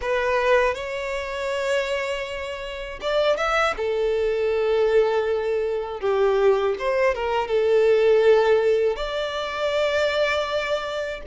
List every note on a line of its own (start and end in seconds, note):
0.01 0.74 B4
0.74 2.99 C#5
3.01 3.36 D5
3.36 3.74 E5
3.76 6.00 A4
6.00 6.75 G4
6.78 7.15 C5
7.15 7.47 A#4
7.47 8.96 A4
8.96 11.21 D5